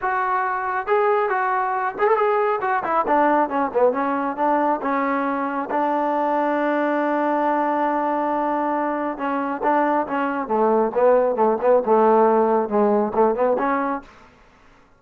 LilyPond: \new Staff \with { instrumentName = "trombone" } { \time 4/4 \tempo 4 = 137 fis'2 gis'4 fis'4~ | fis'8 gis'16 a'16 gis'4 fis'8 e'8 d'4 | cis'8 b8 cis'4 d'4 cis'4~ | cis'4 d'2.~ |
d'1~ | d'4 cis'4 d'4 cis'4 | a4 b4 a8 b8 a4~ | a4 gis4 a8 b8 cis'4 | }